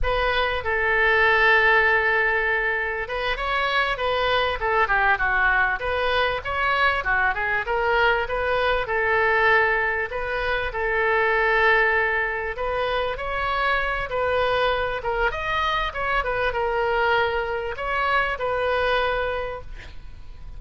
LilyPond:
\new Staff \with { instrumentName = "oboe" } { \time 4/4 \tempo 4 = 98 b'4 a'2.~ | a'4 b'8 cis''4 b'4 a'8 | g'8 fis'4 b'4 cis''4 fis'8 | gis'8 ais'4 b'4 a'4.~ |
a'8 b'4 a'2~ a'8~ | a'8 b'4 cis''4. b'4~ | b'8 ais'8 dis''4 cis''8 b'8 ais'4~ | ais'4 cis''4 b'2 | }